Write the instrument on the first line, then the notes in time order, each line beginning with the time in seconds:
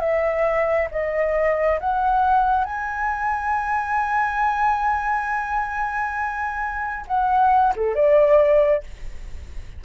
flute
0.00 E5
0.91 D#5
1.80 F#5
2.64 G#5
7.07 F#5
7.76 A4
7.95 D5